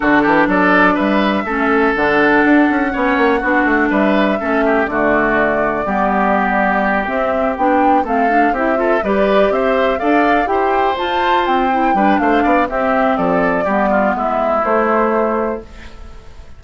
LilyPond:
<<
  \new Staff \with { instrumentName = "flute" } { \time 4/4 \tempo 4 = 123 a'4 d''4 e''2 | fis''1 | e''2 d''2~ | d''2~ d''8 e''4 g''8~ |
g''8 f''4 e''4 d''4 e''8~ | e''8 f''4 g''4 a''4 g''8~ | g''4 f''4 e''4 d''4~ | d''4 e''4 c''2 | }
  \new Staff \with { instrumentName = "oboe" } { \time 4/4 fis'8 g'8 a'4 b'4 a'4~ | a'2 cis''4 fis'4 | b'4 a'8 g'8 fis'2 | g'1~ |
g'8 a'4 g'8 a'8 b'4 c''8~ | c''8 d''4 c''2~ c''8~ | c''8 b'8 c''8 d''8 g'4 a'4 | g'8 f'8 e'2. | }
  \new Staff \with { instrumentName = "clarinet" } { \time 4/4 d'2. cis'4 | d'2 cis'4 d'4~ | d'4 cis'4 a2 | b2~ b8 c'4 d'8~ |
d'8 c'8 d'8 e'8 f'8 g'4.~ | g'8 a'4 g'4 f'4. | e'8 d'4. c'2 | b2 a2 | }
  \new Staff \with { instrumentName = "bassoon" } { \time 4/4 d8 e8 fis4 g4 a4 | d4 d'8 cis'8 b8 ais8 b8 a8 | g4 a4 d2 | g2~ g8 c'4 b8~ |
b8 a4 c'4 g4 c'8~ | c'8 d'4 e'4 f'4 c'8~ | c'8 g8 a8 b8 c'4 f4 | g4 gis4 a2 | }
>>